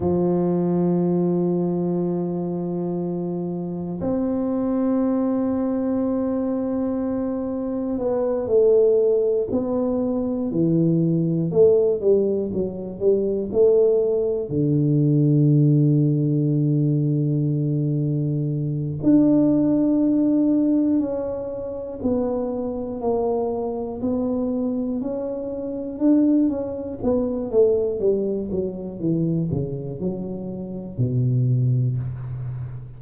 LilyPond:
\new Staff \with { instrumentName = "tuba" } { \time 4/4 \tempo 4 = 60 f1 | c'1 | b8 a4 b4 e4 a8 | g8 fis8 g8 a4 d4.~ |
d2. d'4~ | d'4 cis'4 b4 ais4 | b4 cis'4 d'8 cis'8 b8 a8 | g8 fis8 e8 cis8 fis4 b,4 | }